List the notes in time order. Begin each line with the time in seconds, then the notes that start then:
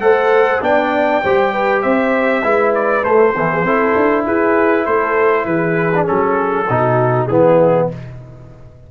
0.00 A3 A4 C5 F#5
0.61 B3 D4 D5 G5
1.24 G3 G4 C5
1.53 B4
1.82 C4 C5 E5
2.43 G#3 E4 B4
2.75 D5
3.03 A3 C5
3.35 E3 B3 A4
3.52 G#4
3.64 C4 E4 A4
3.96 D4
4.25 E4 G#4 B4
4.86 A3 A4 C5
5.45 E3 G#4 B4
5.95 D4
6.05 F#3 C#4 A4
6.68 B2 D#4 F#4
7.27 E3 B3 E4 G#4